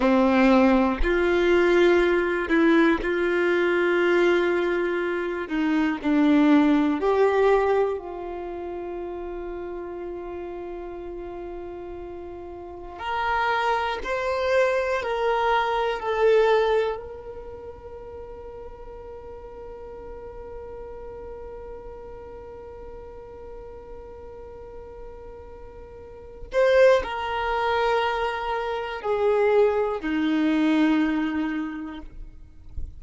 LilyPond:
\new Staff \with { instrumentName = "violin" } { \time 4/4 \tempo 4 = 60 c'4 f'4. e'8 f'4~ | f'4. dis'8 d'4 g'4 | f'1~ | f'4 ais'4 c''4 ais'4 |
a'4 ais'2.~ | ais'1~ | ais'2~ ais'8 c''8 ais'4~ | ais'4 gis'4 dis'2 | }